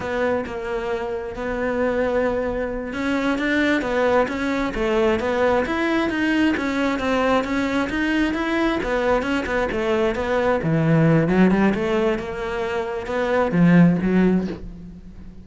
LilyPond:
\new Staff \with { instrumentName = "cello" } { \time 4/4 \tempo 4 = 133 b4 ais2 b4~ | b2~ b8 cis'4 d'8~ | d'8 b4 cis'4 a4 b8~ | b8 e'4 dis'4 cis'4 c'8~ |
c'8 cis'4 dis'4 e'4 b8~ | b8 cis'8 b8 a4 b4 e8~ | e4 fis8 g8 a4 ais4~ | ais4 b4 f4 fis4 | }